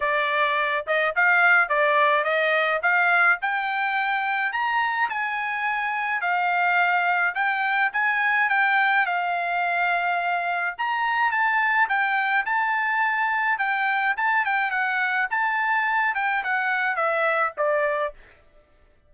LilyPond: \new Staff \with { instrumentName = "trumpet" } { \time 4/4 \tempo 4 = 106 d''4. dis''8 f''4 d''4 | dis''4 f''4 g''2 | ais''4 gis''2 f''4~ | f''4 g''4 gis''4 g''4 |
f''2. ais''4 | a''4 g''4 a''2 | g''4 a''8 g''8 fis''4 a''4~ | a''8 g''8 fis''4 e''4 d''4 | }